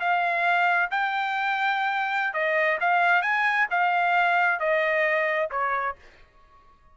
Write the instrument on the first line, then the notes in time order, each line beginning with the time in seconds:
trumpet
0.00 F5
0.91 G5
2.34 D#5
2.81 F5
3.22 G#5
3.70 F5
4.60 D#5
5.51 C#5